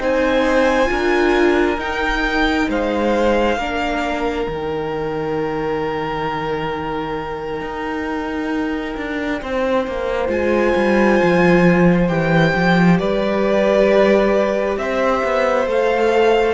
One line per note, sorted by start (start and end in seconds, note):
0.00 0.90 C4
0.00 0.86 D#4
0.00 0.90 C5
0.00 1.80 G#5
0.86 1.78 D4
0.86 1.76 F4
0.86 2.70 A#4
1.78 2.67 D#4
1.78 3.59 D#4
1.78 2.70 G5
2.69 3.58 G#3
2.69 3.59 C5
2.69 4.49 F5
3.58 4.47 A#3
3.58 4.49 D4
3.58 9.41 A#4
4.48 7.61 D#3
4.48 10.29 D#4
4.48 10.31 G5
7.61 8.96 D#4
8.97 9.42 D4
9.41 9.87 C4
9.41 13.00 C5
9.87 10.29 A#3
10.29 10.74 G#3
10.29 12.08 F4
10.29 12.08 G#5
10.76 11.21 G3
11.23 12.09 F3
12.08 12.54 E3
12.08 15.67 G4
12.08 12.98 G5
12.56 13.00 F3
12.99 14.77 G3
12.99 14.79 B4
12.99 14.78 D5
14.77 15.22 C4
14.77 16.54 C5
14.77 15.68 E5
15.24 15.67 B3
15.67 16.54 A3
15.67 16.54 A4
15.67 16.54 F5